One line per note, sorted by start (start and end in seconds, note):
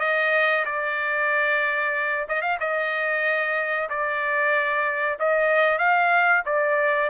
0.00 0.65 D#5
0.65 2.26 D5
2.28 2.41 D#5
2.41 2.57 F5
2.60 3.89 D#5
3.89 5.18 D5
5.19 5.78 D#5
5.78 6.43 F5
6.45 7.09 D5